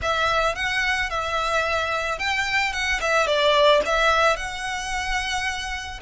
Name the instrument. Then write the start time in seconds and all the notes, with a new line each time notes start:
violin
0.01 E5
0.55 F#5
1.10 E5
2.18 G5
2.72 F#5
3.00 E5
3.26 D5
3.85 E5
4.36 F#5